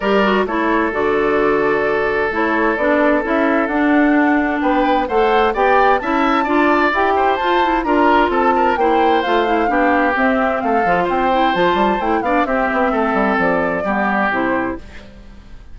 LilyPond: <<
  \new Staff \with { instrumentName = "flute" } { \time 4/4 \tempo 4 = 130 d''4 cis''4 d''2~ | d''4 cis''4 d''4 e''4 | fis''2 g''4 fis''4 | g''4 a''2 g''4 |
a''4 ais''4 a''4 g''4 | f''2 e''4 f''4 | g''4 a''4 g''8 f''8 e''4~ | e''4 d''2 c''4 | }
  \new Staff \with { instrumentName = "oboe" } { \time 4/4 ais'4 a'2.~ | a'1~ | a'2 b'4 c''4 | d''4 e''4 d''4. c''8~ |
c''4 ais'4 a'8 ais'8 c''4~ | c''4 g'2 a'4 | c''2~ c''8 d''8 g'4 | a'2 g'2 | }
  \new Staff \with { instrumentName = "clarinet" } { \time 4/4 g'8 fis'8 e'4 fis'2~ | fis'4 e'4 d'4 e'4 | d'2. a'4 | g'4 e'4 f'4 g'4 |
f'8 e'8 f'2 e'4 | f'8 e'8 d'4 c'4. f'8~ | f'8 e'8 f'4 e'8 d'8 c'4~ | c'2 b4 e'4 | }
  \new Staff \with { instrumentName = "bassoon" } { \time 4/4 g4 a4 d2~ | d4 a4 b4 cis'4 | d'2 b4 a4 | b4 cis'4 d'4 e'4 |
f'4 d'4 c'4 ais4 | a4 b4 c'4 a8 f8 | c'4 f8 g8 a8 b8 c'8 b8 | a8 g8 f4 g4 c4 | }
>>